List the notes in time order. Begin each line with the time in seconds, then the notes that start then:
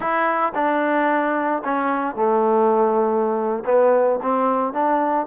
0.00 E4
0.54 D4
1.64 C#4
2.15 A3
3.65 B3
4.22 C4
4.73 D4